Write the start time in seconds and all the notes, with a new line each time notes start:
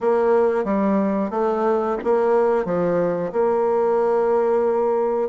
0.00 A#3
0.64 G3
1.30 A3
2.03 A#3
2.65 F3
3.32 A#3